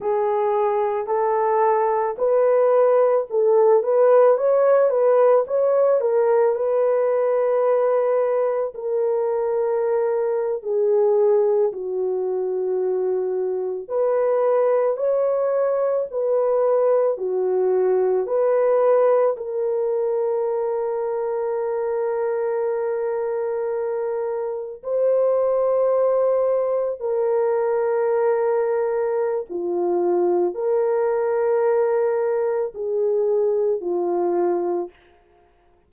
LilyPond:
\new Staff \with { instrumentName = "horn" } { \time 4/4 \tempo 4 = 55 gis'4 a'4 b'4 a'8 b'8 | cis''8 b'8 cis''8 ais'8 b'2 | ais'4.~ ais'16 gis'4 fis'4~ fis'16~ | fis'8. b'4 cis''4 b'4 fis'16~ |
fis'8. b'4 ais'2~ ais'16~ | ais'2~ ais'8. c''4~ c''16~ | c''8. ais'2~ ais'16 f'4 | ais'2 gis'4 f'4 | }